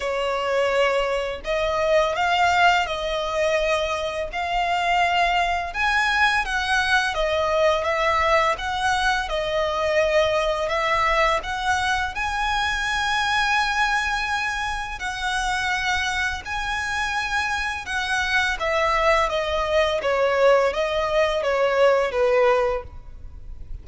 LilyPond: \new Staff \with { instrumentName = "violin" } { \time 4/4 \tempo 4 = 84 cis''2 dis''4 f''4 | dis''2 f''2 | gis''4 fis''4 dis''4 e''4 | fis''4 dis''2 e''4 |
fis''4 gis''2.~ | gis''4 fis''2 gis''4~ | gis''4 fis''4 e''4 dis''4 | cis''4 dis''4 cis''4 b'4 | }